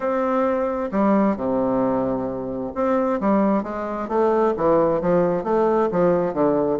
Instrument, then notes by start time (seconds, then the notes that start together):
bassoon
0.00 C4
0.91 G3
1.36 C3
2.74 C4
3.20 G3
3.63 G#3
4.08 A3
4.56 E3
5.01 F3
5.43 A3
5.91 F3
6.33 D3